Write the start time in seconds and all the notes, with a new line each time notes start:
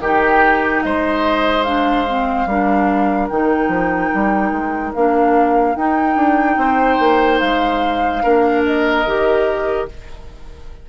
0.00 D#3 D#4 G4 G5
0.83 G#3 C5 D#5
1.64 D4 F5
2.08 C4
2.46 G3 D4 A#4
3.29 D#3 D#4 G5
3.68 F3
4.14 G3
4.52 G#3
4.95 A#3 D4 F5
5.76 D#4 G5
6.16 D4
6.57 C4 C5
7.00 A#3
7.40 G#3 F5
8.23 A#3 D4 A#4
8.66 D#5
9.06 D#3 G4